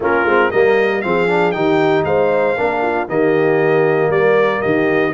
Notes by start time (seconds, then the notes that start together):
0.00 A#3 C#4 F4 A#4
0.24 G#3 C4
0.51 G3 A#3 A#4 D#5
1.01 F3 C4 G#4 F5
1.27 D4
1.51 D#3 D#4 G4 G5
2.03 G#3 C5 F5
2.57 A#3 D4 A#4
2.82 F4
3.08 D#3 A#3 G4 D#5
4.09 G3 A#4 D5
4.61 D#3 G4 D#5